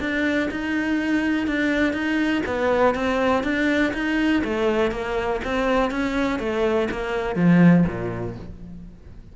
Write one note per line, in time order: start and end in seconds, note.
0.00 0.49 D4
0.51 1.47 D#4
1.47 1.93 D4
1.93 2.43 D#4
2.46 2.95 B3
2.95 3.44 C4
3.44 3.93 D4
3.94 4.43 D#4
4.44 4.91 A3
4.91 5.40 A#3
5.45 5.91 C4
5.91 6.40 C#4
6.40 6.89 A3
6.91 7.36 A#3
7.36 7.85 F3
7.87 8.36 A#2